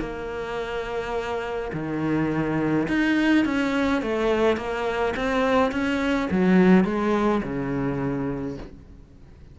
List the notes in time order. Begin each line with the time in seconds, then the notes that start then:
0.00 A#3
1.73 D#3
2.88 D#4
3.45 C#4
4.02 A3
4.57 A#3
5.17 C4
5.72 C#4
6.31 F#3
6.85 G#3
7.43 C#3